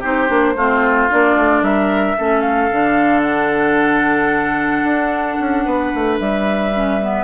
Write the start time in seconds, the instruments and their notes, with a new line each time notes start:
0.00 bassoon C4, clarinet D#4, oboe G4, flute C5
0.29 bassoon A#3, clarinet D4
0.56 bassoon A3, clarinet C4, oboe F4
1.10 bassoon A#3, clarinet D4, flute D5
1.36 bassoon A3
1.62 bassoon G3, oboe A#4, flute E5
2.18 bassoon A3, clarinet C#4, oboe A4
2.41 flute F5
2.71 bassoon D3, clarinet D4
3.22 flute F#5
4.84 bassoon D4
5.40 bassoon C#4
5.65 bassoon B3, oboe B4
5.95 bassoon A3
6.19 bassoon G3, flute E5
6.74 clarinet C#4
7.01 clarinet B3